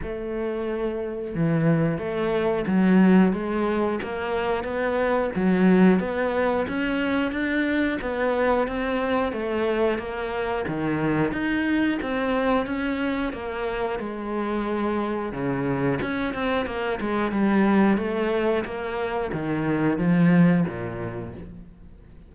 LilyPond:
\new Staff \with { instrumentName = "cello" } { \time 4/4 \tempo 4 = 90 a2 e4 a4 | fis4 gis4 ais4 b4 | fis4 b4 cis'4 d'4 | b4 c'4 a4 ais4 |
dis4 dis'4 c'4 cis'4 | ais4 gis2 cis4 | cis'8 c'8 ais8 gis8 g4 a4 | ais4 dis4 f4 ais,4 | }